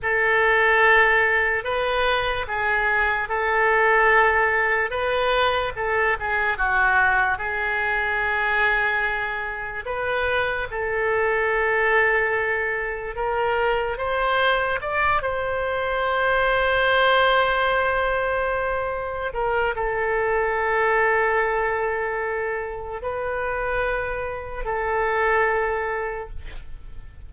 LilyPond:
\new Staff \with { instrumentName = "oboe" } { \time 4/4 \tempo 4 = 73 a'2 b'4 gis'4 | a'2 b'4 a'8 gis'8 | fis'4 gis'2. | b'4 a'2. |
ais'4 c''4 d''8 c''4.~ | c''2.~ c''8 ais'8 | a'1 | b'2 a'2 | }